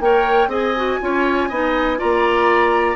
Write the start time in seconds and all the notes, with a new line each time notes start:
0.00 A#3 A#4 C#5 G5
0.48 C4 G#4 D#5 G#5
0.77 F#4
1.01 C#4 F4 C#5
1.49 B3 D#4 D#5
1.98 A#3 F4 D5 A#5